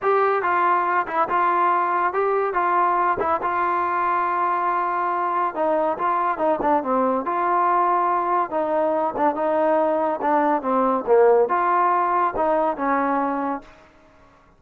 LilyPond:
\new Staff \with { instrumentName = "trombone" } { \time 4/4 \tempo 4 = 141 g'4 f'4. e'8 f'4~ | f'4 g'4 f'4. e'8 | f'1~ | f'4 dis'4 f'4 dis'8 d'8 |
c'4 f'2. | dis'4. d'8 dis'2 | d'4 c'4 ais4 f'4~ | f'4 dis'4 cis'2 | }